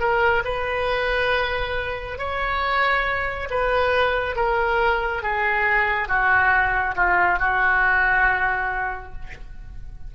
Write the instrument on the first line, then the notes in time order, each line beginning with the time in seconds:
oboe
0.00 A#4
0.45 B4
2.19 C#5
3.50 B4
4.36 A#4
5.23 G#4
6.08 F#4
6.96 F4
7.39 F#4